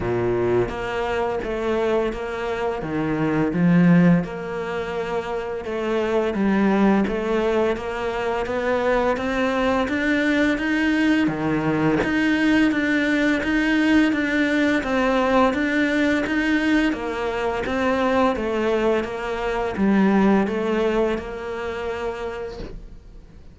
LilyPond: \new Staff \with { instrumentName = "cello" } { \time 4/4 \tempo 4 = 85 ais,4 ais4 a4 ais4 | dis4 f4 ais2 | a4 g4 a4 ais4 | b4 c'4 d'4 dis'4 |
dis4 dis'4 d'4 dis'4 | d'4 c'4 d'4 dis'4 | ais4 c'4 a4 ais4 | g4 a4 ais2 | }